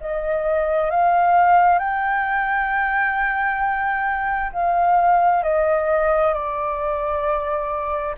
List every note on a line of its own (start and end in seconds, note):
0.00 0.90 D#5
0.90 1.79 F5
1.79 4.51 G5
4.52 5.43 F5
5.43 6.33 D#5
6.33 8.15 D5